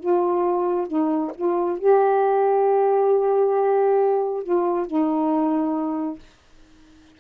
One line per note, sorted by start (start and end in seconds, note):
0.00 0.87 F4
0.87 1.32 D#4
1.36 1.79 F4
1.79 4.43 G4
4.43 4.87 F4
4.87 6.19 D#4